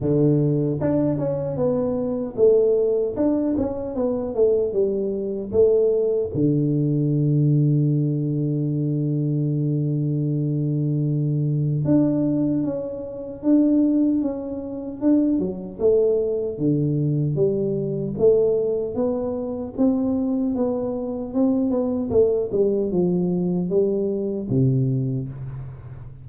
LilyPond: \new Staff \with { instrumentName = "tuba" } { \time 4/4 \tempo 4 = 76 d4 d'8 cis'8 b4 a4 | d'8 cis'8 b8 a8 g4 a4 | d1~ | d2. d'4 |
cis'4 d'4 cis'4 d'8 fis8 | a4 d4 g4 a4 | b4 c'4 b4 c'8 b8 | a8 g8 f4 g4 c4 | }